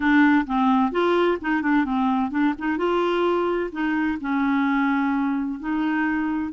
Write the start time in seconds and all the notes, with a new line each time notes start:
0.00 D4
0.46 C4
0.91 F4
1.41 D#4
1.62 D4
1.84 C4
2.30 D4
2.58 D#4
2.77 F4
3.72 D#4
4.20 C#4
5.59 D#4